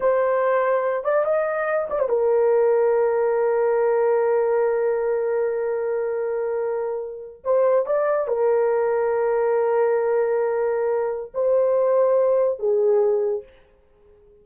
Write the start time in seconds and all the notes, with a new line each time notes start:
0.00 C5
1.04 D5
1.25 D#5
1.90 D5
1.99 C5
2.08 A#4
7.44 C5
7.86 D5
8.27 A#4
11.34 C5
12.59 G#4